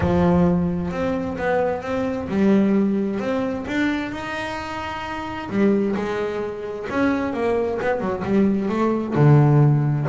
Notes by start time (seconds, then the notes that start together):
0.00 F3
0.91 C4
1.37 B3
1.82 C4
2.28 G3
3.19 C4
3.67 D4
4.11 D#4
5.49 G3
5.95 G#3
6.89 C#4
7.33 A#3
7.81 B3
8.00 F#3
8.24 G3
8.68 A3
9.15 D3